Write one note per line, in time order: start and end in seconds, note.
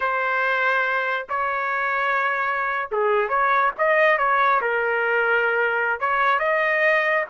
0.00 1.26 C5
1.29 2.89 C#5
2.91 3.28 G#4
3.28 3.71 C#5
3.78 4.17 D#5
4.17 4.60 C#5
4.61 5.99 A#4
5.99 6.39 C#5
6.39 7.24 D#5